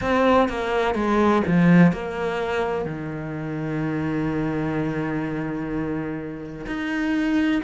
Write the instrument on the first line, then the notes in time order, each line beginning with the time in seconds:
cello
0.01 C4
0.48 A#3
0.94 G#3
1.46 F3
1.92 A#3
2.85 D#3
6.66 D#4